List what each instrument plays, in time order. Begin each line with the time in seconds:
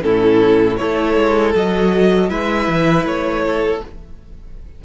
0.00 cello A2, viola C#4, violin E4 A4
0.76 cello A3, viola E4, violin A4 C#5
1.16 cello G#3
1.54 cello F#3, viola F#4, violin D#5
2.29 cello G#3, viola E4, violin B4 E5
2.68 cello E3
3.04 cello A3, violin C#5
3.46 violin A4